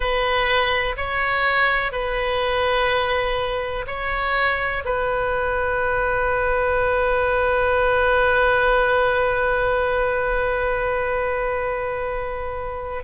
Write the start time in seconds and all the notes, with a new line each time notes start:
0.00 B4
0.97 C#5
1.92 B4
3.86 C#5
4.84 B4